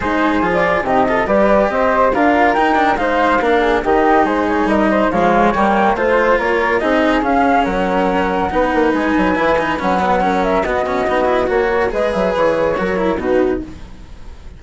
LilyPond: <<
  \new Staff \with { instrumentName = "flute" } { \time 4/4 \tempo 4 = 141 c''4~ c''16 d''8. dis''4 d''4 | dis''4 f''4 g''4 f''4~ | f''4 dis''4 c''8 cis''8 dis''4 | f''4 g''4 c''4 cis''4 |
dis''4 f''4 fis''2~ | fis''4 gis''2 fis''4~ | fis''8 e''8 dis''2 cis''4 | dis''8 e''8 cis''2 b'4 | }
  \new Staff \with { instrumentName = "flute" } { \time 4/4 gis'2 g'8 a'8 b'4 | c''4 ais'2 c''4 | ais'8 gis'8 g'4 gis'4 ais'8 c''8 | cis''2 c''4 ais'4 |
gis'2 ais'2 | b'1 | ais'4 fis'2. | b'2 ais'4 fis'4 | }
  \new Staff \with { instrumentName = "cello" } { \time 4/4 dis'4 f'4 dis'8 f'8 g'4~ | g'4 f'4 dis'8 d'8 dis'4 | d'4 dis'2. | gis4 ais4 f'2 |
dis'4 cis'2. | dis'2 e'8 dis'8 cis'8 b8 | cis'4 b8 cis'8 dis'8 e'8 fis'4 | gis'2 fis'8 e'8 dis'4 | }
  \new Staff \with { instrumentName = "bassoon" } { \time 4/4 gis4 f4 c4 g4 | c'4 d'4 dis'4 gis4 | ais4 dis4 gis4 g4 | f4 g4 a4 ais4 |
c'4 cis'4 fis2 | b8 ais8 gis8 fis8 e4 fis4~ | fis4 b,4 b4 ais4 | gis8 fis8 e4 fis4 b,4 | }
>>